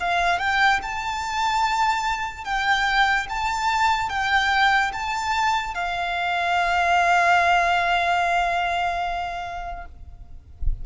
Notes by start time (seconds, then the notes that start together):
0.00 F5
0.39 G5
0.83 A5
2.44 G5
3.29 A5
4.09 G5
4.93 A5
5.74 F5